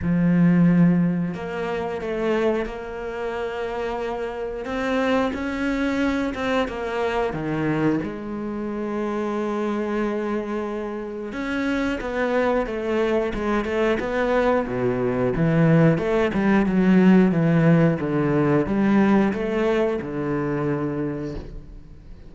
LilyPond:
\new Staff \with { instrumentName = "cello" } { \time 4/4 \tempo 4 = 90 f2 ais4 a4 | ais2. c'4 | cis'4. c'8 ais4 dis4 | gis1~ |
gis4 cis'4 b4 a4 | gis8 a8 b4 b,4 e4 | a8 g8 fis4 e4 d4 | g4 a4 d2 | }